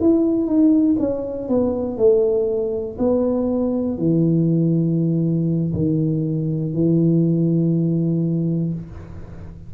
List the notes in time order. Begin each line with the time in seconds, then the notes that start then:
0.00 E4
0.46 D#4
1.00 C#4
1.49 B3
1.98 A3
2.99 B3
3.98 E3
5.74 D#3
6.74 E3